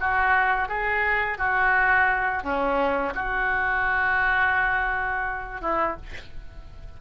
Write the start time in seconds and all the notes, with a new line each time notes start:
0.00 F#4
0.68 G#4
1.38 F#4
2.43 C#4
3.15 F#4
5.61 E4